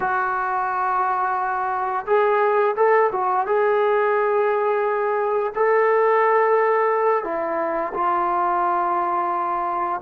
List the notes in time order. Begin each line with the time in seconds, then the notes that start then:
0.00 F#4
2.06 G#4
2.76 A4
3.12 F#4
3.46 G#4
5.55 A4
7.24 E4
7.94 F4